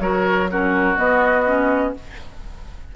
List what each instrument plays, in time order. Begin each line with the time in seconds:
0.00 bassoon F#3, clarinet F#4, oboe A#4, flute C#5
0.50 clarinet C#4, oboe F#4, flute A#4
0.96 clarinet B3, bassoon B3, flute D#5
1.46 clarinet C#4